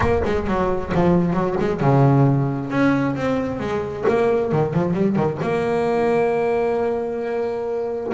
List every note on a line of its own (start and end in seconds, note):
0.00 0.22 A#3
0.25 0.47 G#3
0.47 0.92 F#3
0.94 1.33 F3
1.33 1.55 F#3
1.59 1.80 G#3
1.80 2.70 C#3
2.70 3.15 C#4
3.15 3.59 C4
3.59 4.04 G#3
4.08 4.51 A#3
4.51 4.73 D#3
4.73 4.93 F3
4.93 5.16 G3
5.16 5.38 D#3
5.42 8.12 A#3